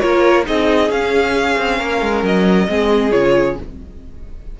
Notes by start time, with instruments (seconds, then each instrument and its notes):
0.00 cello A#3, viola F4, violin A#4 C#5
0.45 cello C4, viola D#4, violin G#4 D#5
0.90 cello C#4, viola C#4, violin F5
1.58 cello C4
1.78 cello A#3, violin A#4
2.02 cello G#3
2.23 cello F#3, violin D#5
2.68 cello G#3, viola C4, violin G#4
3.11 cello C#3, viola F4, violin C#5